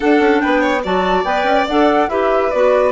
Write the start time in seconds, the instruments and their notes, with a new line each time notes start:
0.00 clarinet D4, bassoon D4, violin A4, flute F#5
0.19 bassoon C#4
0.40 bassoon B3, violin B4, flute G5
0.60 violin C#5
0.83 bassoon F#3, clarinet F#4, violin D5, flute A5
1.24 bassoon B3, clarinet B4, flute G5
1.43 bassoon C#4
1.68 bassoon D4, clarinet A4, flute F#5
2.08 bassoon E4, clarinet G4, violin B4, flute E5
2.51 bassoon B3, clarinet F#4, flute D5